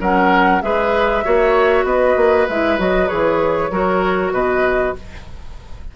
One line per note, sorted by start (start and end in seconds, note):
0.00 0.62 F#3
0.00 0.61 C#4
0.00 0.62 A#4
0.00 0.61 F#5
0.61 1.24 G#3
0.61 1.23 G#4
0.61 1.24 B4
0.61 1.85 E5
1.24 1.83 A#3
1.24 2.47 F#4
1.24 1.85 C#5
1.83 2.14 B3
1.83 3.71 B4
1.83 2.47 D#5
2.16 2.47 A#3
2.48 2.78 G#3
2.48 2.78 E4
2.48 2.78 E5
2.78 3.09 F#3
2.78 3.07 F#4
2.78 3.07 D#5
3.07 3.70 E3
3.07 3.69 G#4
3.07 4.31 C#5
3.70 4.31 F#3
3.70 4.95 F#4
3.70 4.33 A#4
4.31 4.93 B2
4.31 4.94 B4
4.31 4.95 D#5